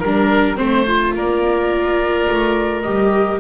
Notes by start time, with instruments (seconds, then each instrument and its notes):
0.00 double bass G3, viola D4, oboe A#4, flute A#4
0.57 double bass A3, viola C4, flute C5, oboe C5
0.87 viola F4
1.14 double bass A#3, oboe A#4, flute D5
2.29 double bass A3
2.82 double bass G3, viola G4, flute D#5